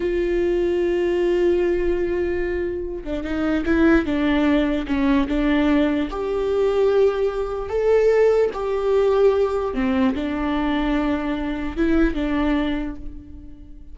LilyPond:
\new Staff \with { instrumentName = "viola" } { \time 4/4 \tempo 4 = 148 f'1~ | f'2.~ f'8 d'8 | dis'4 e'4 d'2 | cis'4 d'2 g'4~ |
g'2. a'4~ | a'4 g'2. | c'4 d'2.~ | d'4 e'4 d'2 | }